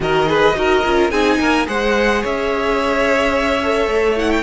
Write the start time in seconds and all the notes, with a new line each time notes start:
0.00 D#3 F#4 A#4 D#5
0.26 G#4 B4
0.55 D#4 F#4 A#4
0.84 C#4 F4
1.10 C4 D#4 G#4 G#5
1.39 A#3 A#4
1.65 G#3 G#4 C5 F#5
2.22 C#4 C#5 E5
3.63 A4
3.87 A3
4.17 E4 F#5
4.31 G5